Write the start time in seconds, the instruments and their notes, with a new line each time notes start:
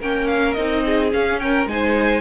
0.00 cello A#3, viola C#4, violin A#4 G5
0.28 violin F5
0.54 cello C4, viola D#4, violin D#5
0.86 violin G#4
1.11 viola C#4, cello C#4, violin F5
1.40 violin A#4 G5
1.67 cello G#3, viola D#4, violin C5 G#5